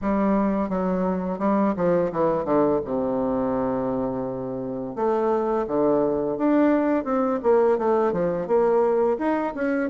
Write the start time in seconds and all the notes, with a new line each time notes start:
0.01 G3
0.69 F#3
1.39 G3
1.76 F3
2.12 E3
2.44 D3
2.85 C3
4.95 A3
5.67 D3
6.37 D4
7.04 C4
7.42 A#3
7.78 A3
8.12 F3
8.47 A#3
9.18 D#4
9.54 C#4